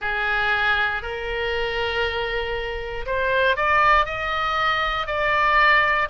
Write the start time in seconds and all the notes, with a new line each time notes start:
0.01 G#4
1.02 A#4
3.06 C5
3.56 D5
4.05 D#5
5.06 D5